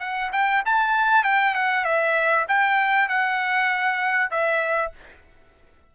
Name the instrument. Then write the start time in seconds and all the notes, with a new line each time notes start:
trumpet
0.00 F#5
0.33 G5
0.66 A5
1.24 G5
1.55 F#5
1.85 E5
2.49 G5
3.09 F#5
4.31 E5